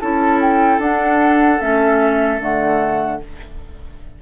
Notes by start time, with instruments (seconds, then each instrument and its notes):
0.00 bassoon C#4, clarinet E4, oboe A4, flute A5
0.41 flute G5
0.78 bassoon D4, clarinet D4, flute F#5
1.59 bassoon A3, clarinet C#4, flute E5
2.40 bassoon D3, clarinet A3, flute F#5